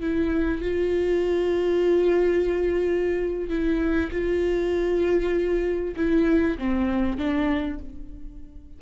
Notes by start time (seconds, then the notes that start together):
0.00 E4
0.61 F4
3.49 E4
4.11 F4
5.96 E4
6.58 C4
7.18 D4